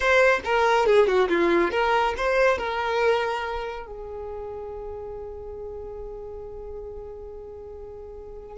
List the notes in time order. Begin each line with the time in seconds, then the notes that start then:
0.00 C5
0.44 A#4
0.86 G#4
1.07 F#4
1.29 F4
1.71 A#4
2.17 C5
2.57 A#4
3.86 G#4